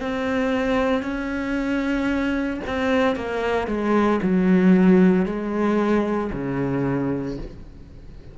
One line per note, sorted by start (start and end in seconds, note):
0.00 1.02 C4
1.02 2.60 C#4
2.67 3.16 C4
3.16 3.67 A#3
3.67 4.20 G#3
4.22 5.26 F#3
5.26 6.31 G#3
6.33 7.38 C#3